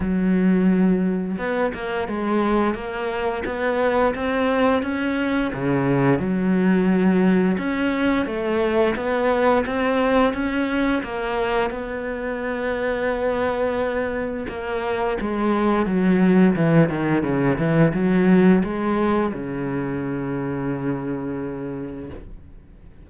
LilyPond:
\new Staff \with { instrumentName = "cello" } { \time 4/4 \tempo 4 = 87 fis2 b8 ais8 gis4 | ais4 b4 c'4 cis'4 | cis4 fis2 cis'4 | a4 b4 c'4 cis'4 |
ais4 b2.~ | b4 ais4 gis4 fis4 | e8 dis8 cis8 e8 fis4 gis4 | cis1 | }